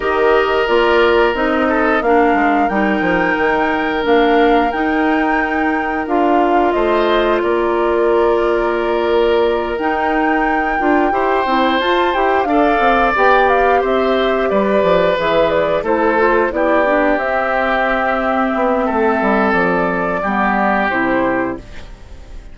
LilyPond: <<
  \new Staff \with { instrumentName = "flute" } { \time 4/4 \tempo 4 = 89 dis''4 d''4 dis''4 f''4 | g''2 f''4 g''4~ | g''4 f''4 dis''4 d''4~ | d''2~ d''8 g''4.~ |
g''4. a''8 g''8 f''4 g''8 | f''8 e''4 d''4 e''8 d''8 c''8~ | c''8 d''4 e''2~ e''8~ | e''4 d''2 c''4 | }
  \new Staff \with { instrumentName = "oboe" } { \time 4/4 ais'2~ ais'8 a'8 ais'4~ | ais'1~ | ais'2 c''4 ais'4~ | ais'1~ |
ais'8 c''2 d''4.~ | d''8 c''4 b'2 a'8~ | a'8 g'2.~ g'8 | a'2 g'2 | }
  \new Staff \with { instrumentName = "clarinet" } { \time 4/4 g'4 f'4 dis'4 d'4 | dis'2 d'4 dis'4~ | dis'4 f'2.~ | f'2~ f'8 dis'4. |
f'8 g'8 e'8 f'8 g'8 a'4 g'8~ | g'2~ g'8 gis'4 e'8 | f'8 e'8 d'8 c'2~ c'8~ | c'2 b4 e'4 | }
  \new Staff \with { instrumentName = "bassoon" } { \time 4/4 dis4 ais4 c'4 ais8 gis8 | g8 f8 dis4 ais4 dis'4~ | dis'4 d'4 a4 ais4~ | ais2~ ais8 dis'4. |
d'8 e'8 c'8 f'8 e'8 d'8 c'8 b8~ | b8 c'4 g8 f8 e4 a8~ | a8 b4 c'2 b8 | a8 g8 f4 g4 c4 | }
>>